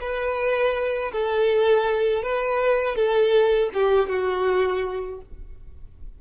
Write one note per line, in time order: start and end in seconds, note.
0.00 1.11 B4
1.12 2.23 A4
2.23 2.96 B4
2.96 3.70 A4
3.73 4.09 G4
4.09 5.20 F#4